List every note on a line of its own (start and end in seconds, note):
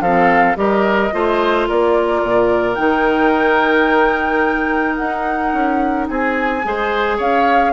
0.00 0.55 F3
0.00 0.55 C4
0.00 0.57 A4
0.00 0.56 F5
0.55 1.11 G3
0.55 1.10 G4
0.55 1.14 A#4
0.55 1.67 D#5
1.12 1.68 A3
1.12 2.75 F4
1.12 1.68 C5
1.68 2.22 A#3
1.68 6.08 A#4
1.68 2.74 D5
2.22 2.77 A#2
2.74 4.98 D#3
2.74 6.60 D#4
2.74 4.95 G5
4.95 5.53 D#4
4.95 6.06 F#5
5.53 6.08 C#4
6.08 6.64 C4
6.08 6.65 G#4
6.08 7.18 G#5
6.63 7.19 G#3
6.63 7.72 G#4
6.63 7.17 C5
7.17 7.72 C#4
7.17 7.72 C#5
7.17 7.72 F5